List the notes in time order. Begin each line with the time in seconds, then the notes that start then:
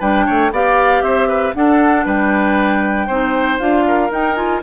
0.00 G3 D4 B4 G5
0.26 A3 C#5
0.51 B3 G4 D5 F5
1.02 C4 C5 E5
1.28 B4
1.55 D4 A4 F#5
2.06 G3 B4 G5
3.07 C4 D#4 C5
3.60 D4 F4 F5
3.88 A#4
4.10 D#4 G5
4.35 F4 G#5